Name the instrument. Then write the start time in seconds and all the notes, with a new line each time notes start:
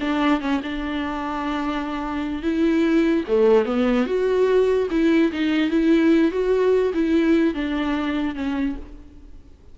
viola
0.00 D4
0.41 C#4
0.63 D4
2.42 E4
3.28 A3
3.65 B3
4.06 F#4
4.91 E4
5.32 D#4
5.70 E4
6.31 F#4
6.94 E4
7.54 D4
8.35 C#4